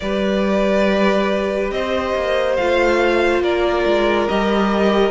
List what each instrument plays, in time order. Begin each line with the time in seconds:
0.00 cello G3, viola G4, violin B4 D5
1.71 cello C4, violin C5 D#5
2.15 cello A#3
2.56 cello A3, viola F4, violin F5
3.41 cello A#3, violin A#4 D5
3.85 cello G#3
4.28 cello G3, viola G4, violin D#5